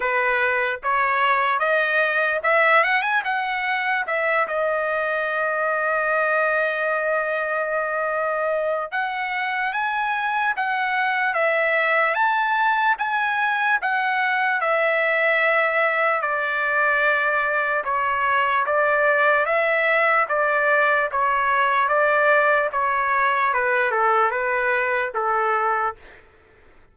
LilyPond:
\new Staff \with { instrumentName = "trumpet" } { \time 4/4 \tempo 4 = 74 b'4 cis''4 dis''4 e''8 fis''16 gis''16 | fis''4 e''8 dis''2~ dis''8~ | dis''2. fis''4 | gis''4 fis''4 e''4 a''4 |
gis''4 fis''4 e''2 | d''2 cis''4 d''4 | e''4 d''4 cis''4 d''4 | cis''4 b'8 a'8 b'4 a'4 | }